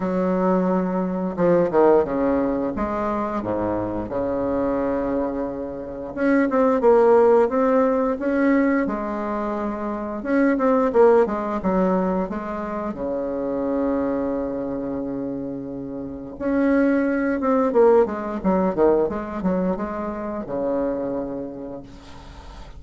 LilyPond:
\new Staff \with { instrumentName = "bassoon" } { \time 4/4 \tempo 4 = 88 fis2 f8 dis8 cis4 | gis4 gis,4 cis2~ | cis4 cis'8 c'8 ais4 c'4 | cis'4 gis2 cis'8 c'8 |
ais8 gis8 fis4 gis4 cis4~ | cis1 | cis'4. c'8 ais8 gis8 fis8 dis8 | gis8 fis8 gis4 cis2 | }